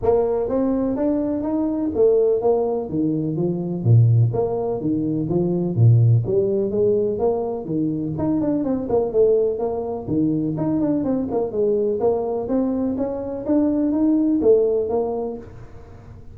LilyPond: \new Staff \with { instrumentName = "tuba" } { \time 4/4 \tempo 4 = 125 ais4 c'4 d'4 dis'4 | a4 ais4 dis4 f4 | ais,4 ais4 dis4 f4 | ais,4 g4 gis4 ais4 |
dis4 dis'8 d'8 c'8 ais8 a4 | ais4 dis4 dis'8 d'8 c'8 ais8 | gis4 ais4 c'4 cis'4 | d'4 dis'4 a4 ais4 | }